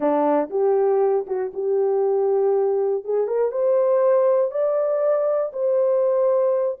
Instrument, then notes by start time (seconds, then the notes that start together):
horn
0.00 D4
0.50 G4
1.27 F#4
1.53 G4
3.04 G#4
3.27 A#4
3.51 C5
4.51 D5
5.52 C5